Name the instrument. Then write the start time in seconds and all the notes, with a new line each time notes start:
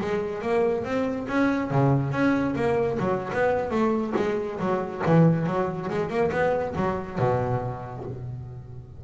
double bass
0.00 G#3
0.41 A#3
0.84 C4
1.28 C#4
1.70 C#3
2.11 C#4
2.55 A#3
2.99 F#3
3.33 B3
3.70 A3
4.16 G#3
4.59 F#3
5.06 E3
5.46 F#3
5.90 G#3
6.09 A#3
6.31 B3
6.76 F#3
7.18 B2